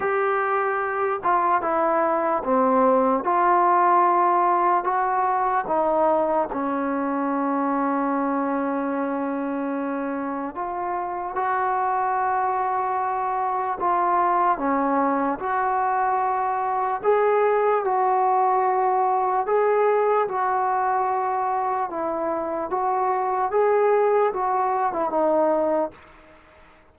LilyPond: \new Staff \with { instrumentName = "trombone" } { \time 4/4 \tempo 4 = 74 g'4. f'8 e'4 c'4 | f'2 fis'4 dis'4 | cis'1~ | cis'4 f'4 fis'2~ |
fis'4 f'4 cis'4 fis'4~ | fis'4 gis'4 fis'2 | gis'4 fis'2 e'4 | fis'4 gis'4 fis'8. e'16 dis'4 | }